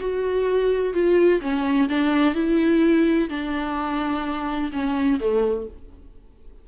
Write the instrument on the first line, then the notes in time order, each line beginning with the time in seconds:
viola
0.00 F#4
0.94 F4
1.41 C#4
1.89 D4
2.34 E4
3.29 D4
4.72 C#4
5.20 A3